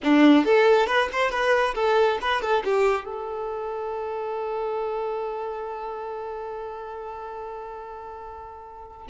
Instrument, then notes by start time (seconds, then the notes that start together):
violin
0.03 D4
0.44 A4
0.86 B4
1.12 C5
1.30 B4
1.74 A4
2.21 B4
2.41 A4
2.64 G4
3.04 A4